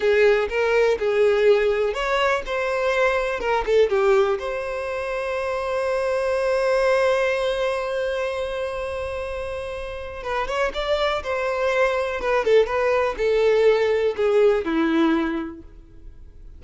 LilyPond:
\new Staff \with { instrumentName = "violin" } { \time 4/4 \tempo 4 = 123 gis'4 ais'4 gis'2 | cis''4 c''2 ais'8 a'8 | g'4 c''2.~ | c''1~ |
c''1~ | c''4 b'8 cis''8 d''4 c''4~ | c''4 b'8 a'8 b'4 a'4~ | a'4 gis'4 e'2 | }